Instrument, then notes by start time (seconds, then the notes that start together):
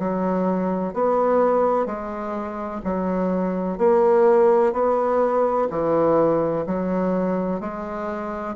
bassoon
0.00 F#3
0.94 B3
1.87 G#3
2.84 F#3
3.78 A#3
4.73 B3
5.71 E3
6.67 F#3
7.61 G#3